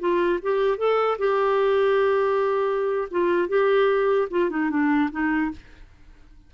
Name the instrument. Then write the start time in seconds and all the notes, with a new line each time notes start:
clarinet
0.00 F4
0.43 G4
0.78 A4
1.19 G4
3.11 F4
3.49 G4
4.31 F4
4.51 D#4
4.70 D4
5.11 D#4